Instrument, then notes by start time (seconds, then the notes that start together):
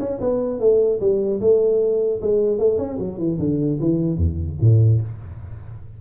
tuba
0.00 C#4
0.21 B3
0.60 A3
1.01 G3
1.41 A3
2.22 G#3
2.59 A3
2.79 C#4
2.99 F#3
3.19 E3
3.39 D3
3.81 E3
4.17 E2
4.62 A2